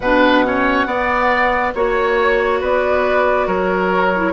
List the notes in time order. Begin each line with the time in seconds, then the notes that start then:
0.00 B2 D4 B4 F#5
0.45 C#4 C#5
0.86 B3 D5
1.74 A#3 F#4 C#5
2.60 B3 B4 D5
3.47 F#3 A#4 C#5
4.16 E4